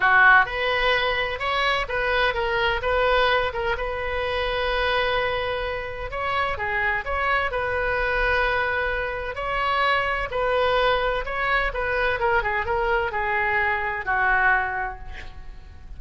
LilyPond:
\new Staff \with { instrumentName = "oboe" } { \time 4/4 \tempo 4 = 128 fis'4 b'2 cis''4 | b'4 ais'4 b'4. ais'8 | b'1~ | b'4 cis''4 gis'4 cis''4 |
b'1 | cis''2 b'2 | cis''4 b'4 ais'8 gis'8 ais'4 | gis'2 fis'2 | }